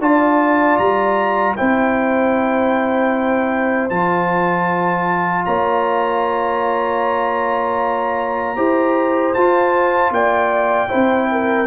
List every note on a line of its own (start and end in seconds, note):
0.00 0.78 D4
0.00 1.56 F4
0.00 1.57 D5
0.00 0.78 A5
0.78 1.56 G3
0.78 1.56 A#5
1.56 3.90 C4
1.56 3.90 E4
1.56 5.45 C5
1.56 3.89 G5
3.89 5.45 F3
3.89 8.56 F4
3.89 5.45 A5
5.45 8.57 A#3
5.45 8.56 C#5
5.45 9.34 A#5
8.56 9.35 E4
8.56 9.34 G4
8.56 10.12 C5
9.34 10.10 F4
9.34 10.88 F4
9.34 10.12 A5
10.10 10.88 A#3
10.10 10.88 D5
10.10 11.66 G5
10.88 11.66 C4
10.88 11.66 E4
10.88 11.27 C5
11.31 11.66 A#4